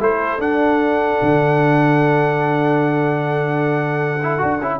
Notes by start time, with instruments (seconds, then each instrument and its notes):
0.00 tuba A3, trombone E4, horn A4, trumpet C5
0.38 tuba D4, trombone D4, trumpet F#5
1.22 tuba D3
4.23 trombone E4
4.39 tuba D4, trombone F#4
4.60 tuba C#4, trombone E4